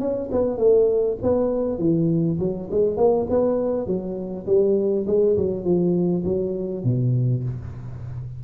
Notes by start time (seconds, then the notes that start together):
0.00 C#4
0.32 B3
0.58 A3
1.23 B3
1.79 E3
2.40 F#3
2.71 G#3
2.97 A#3
3.30 B3
3.87 F#3
4.47 G3
5.07 G#3
5.37 F#3
5.64 F3
6.25 F#3
6.84 B2